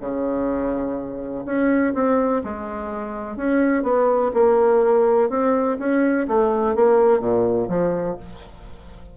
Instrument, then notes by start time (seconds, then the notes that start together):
bassoon
0.00 C#3
1.45 C#4
1.94 C4
2.43 G#3
3.36 C#4
3.83 B3
4.34 A#3
5.29 C4
5.78 C#4
6.27 A3
6.75 A#3
7.20 A#2
7.68 F3